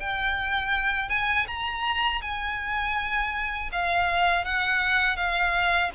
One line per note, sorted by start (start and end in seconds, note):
0.00 1.09 G5
1.09 1.46 G#5
1.47 2.21 A#5
2.22 3.70 G#5
3.72 4.45 F5
4.45 5.16 F#5
5.16 5.91 F5